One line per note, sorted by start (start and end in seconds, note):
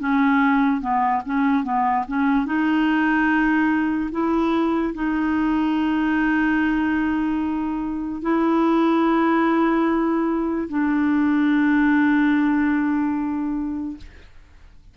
0.00 0.81 C#4
0.81 1.23 B3
1.26 1.64 C#4
1.64 2.05 B3
2.08 2.47 C#4
2.47 4.11 D#4
4.12 4.94 E4
4.95 8.22 D#4
8.22 10.69 E4
10.69 13.98 D4